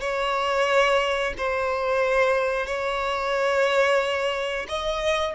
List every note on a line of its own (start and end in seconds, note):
0.00 1.33 C#5
1.37 2.66 C5
2.66 4.66 C#5
4.68 5.35 D#5